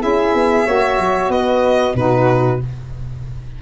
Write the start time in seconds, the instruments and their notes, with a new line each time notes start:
0.00 tuba C#4, saxophone E4, flute G#4, violin E5
0.34 tuba B3
0.66 tuba A#3, saxophone F#4, flute C#5
0.98 tuba F#3
1.29 tuba B3, flute B4, violin D#5
1.95 tuba B2, saxophone D#4, flute F#4, violin B4